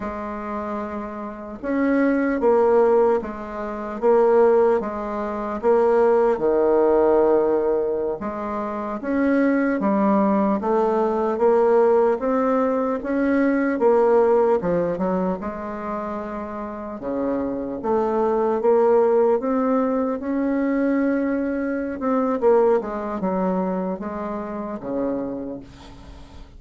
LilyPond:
\new Staff \with { instrumentName = "bassoon" } { \time 4/4 \tempo 4 = 75 gis2 cis'4 ais4 | gis4 ais4 gis4 ais4 | dis2~ dis16 gis4 cis'8.~ | cis'16 g4 a4 ais4 c'8.~ |
c'16 cis'4 ais4 f8 fis8 gis8.~ | gis4~ gis16 cis4 a4 ais8.~ | ais16 c'4 cis'2~ cis'16 c'8 | ais8 gis8 fis4 gis4 cis4 | }